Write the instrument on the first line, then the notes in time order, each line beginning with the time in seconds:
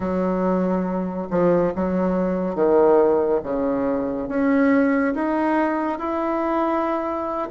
bassoon
0.00 F#3
1.30 F3
1.75 F#3
2.55 D#3
3.43 C#3
4.28 C#4
5.14 D#4
5.98 E4